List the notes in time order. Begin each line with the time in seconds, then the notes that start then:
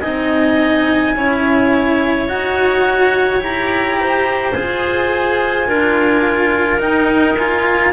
0.00 C4 D#4 D#5 G#5
1.14 C#4 E4 C#5
2.27 D#4 F#4 F#5
3.39 E4 G4 A#5
4.00 C5
4.53 F4 G#4 G#5
5.67 D4 F4 A#4
6.79 D#4 G5
7.37 F4 G#5